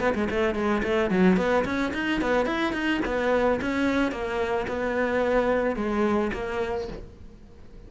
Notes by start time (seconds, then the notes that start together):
0.00 B3
0.15 G#3
0.30 A3
0.55 G#3
0.83 A3
1.10 F#3
1.37 B3
1.65 C#4
1.94 D#4
2.21 B3
2.46 E4
2.73 D#4
3.05 B3
3.61 C#4
4.11 A#3
4.68 B3
5.76 G#3
6.33 A#3